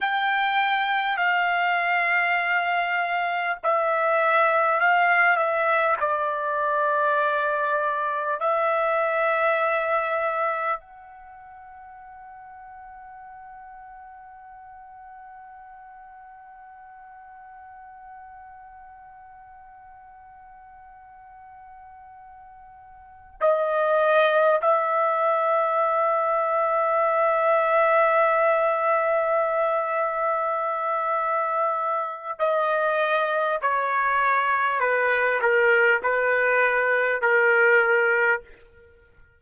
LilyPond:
\new Staff \with { instrumentName = "trumpet" } { \time 4/4 \tempo 4 = 50 g''4 f''2 e''4 | f''8 e''8 d''2 e''4~ | e''4 fis''2.~ | fis''1~ |
fis''2.~ fis''8 dis''8~ | dis''8 e''2.~ e''8~ | e''2. dis''4 | cis''4 b'8 ais'8 b'4 ais'4 | }